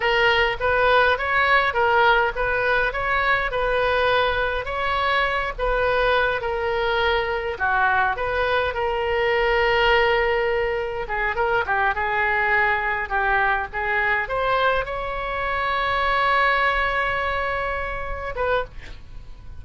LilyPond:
\new Staff \with { instrumentName = "oboe" } { \time 4/4 \tempo 4 = 103 ais'4 b'4 cis''4 ais'4 | b'4 cis''4 b'2 | cis''4. b'4. ais'4~ | ais'4 fis'4 b'4 ais'4~ |
ais'2. gis'8 ais'8 | g'8 gis'2 g'4 gis'8~ | gis'8 c''4 cis''2~ cis''8~ | cis''2.~ cis''8 b'8 | }